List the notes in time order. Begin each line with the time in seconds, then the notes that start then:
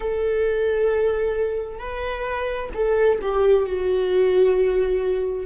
0.00 A4
1.79 B4
2.74 A4
3.21 G4
3.66 F#4